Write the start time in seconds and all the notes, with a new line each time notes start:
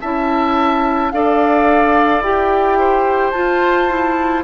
0.00 C#4 E4 E5 A5
1.11 D4 A4 D5 F5
2.21 E4 G4 G5
2.79 C5
3.31 F4 A5
3.89 E4